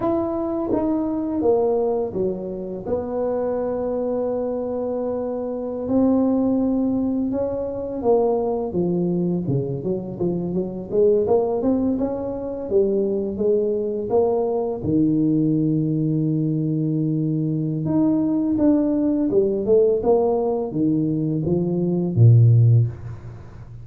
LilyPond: \new Staff \with { instrumentName = "tuba" } { \time 4/4 \tempo 4 = 84 e'4 dis'4 ais4 fis4 | b1~ | b16 c'2 cis'4 ais8.~ | ais16 f4 cis8 fis8 f8 fis8 gis8 ais16~ |
ais16 c'8 cis'4 g4 gis4 ais16~ | ais8. dis2.~ dis16~ | dis4 dis'4 d'4 g8 a8 | ais4 dis4 f4 ais,4 | }